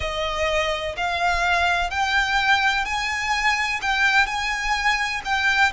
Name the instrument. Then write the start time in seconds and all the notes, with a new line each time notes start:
violin
0.00 D#5
0.97 F5
1.90 G5
2.85 G#5
3.81 G5
4.26 G#5
5.24 G5